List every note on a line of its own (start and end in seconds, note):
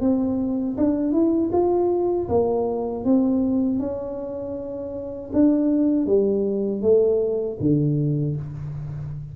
0.00 0.76 C4
0.77 1.12 D4
1.12 1.50 E4
1.52 2.28 F4
2.28 3.04 A#3
3.04 3.79 C4
3.79 5.31 C#4
5.33 6.06 D4
6.06 6.81 G3
6.81 7.57 A3
7.60 8.36 D3